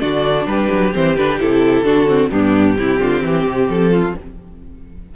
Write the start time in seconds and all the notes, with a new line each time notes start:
0.00 D3 D4 F#4 D5
0.47 G3 G4 B4
0.72 F#3
0.95 E3 C4 C5
1.17 D3 D4 B4
1.40 C3 E4 A4
1.83 D3 D4 F#4
2.08 C4
2.31 G2 B3 D4 G4
2.78 C3 C4 E4
3.00 D3 F4
3.23 E3 G4
3.46 C3
3.69 F3 A4
3.92 F4